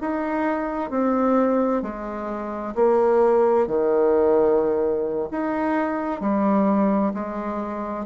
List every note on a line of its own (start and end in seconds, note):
0.00 0.90 D#4
0.90 1.82 C4
1.82 2.74 G#3
2.74 3.67 A#3
3.67 5.28 D#3
5.31 6.20 D#4
6.20 7.12 G3
7.14 8.06 G#3